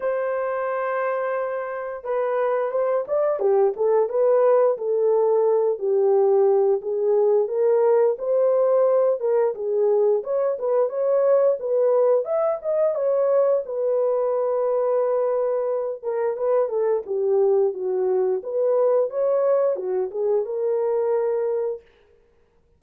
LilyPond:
\new Staff \with { instrumentName = "horn" } { \time 4/4 \tempo 4 = 88 c''2. b'4 | c''8 d''8 g'8 a'8 b'4 a'4~ | a'8 g'4. gis'4 ais'4 | c''4. ais'8 gis'4 cis''8 b'8 |
cis''4 b'4 e''8 dis''8 cis''4 | b'2.~ b'8 ais'8 | b'8 a'8 g'4 fis'4 b'4 | cis''4 fis'8 gis'8 ais'2 | }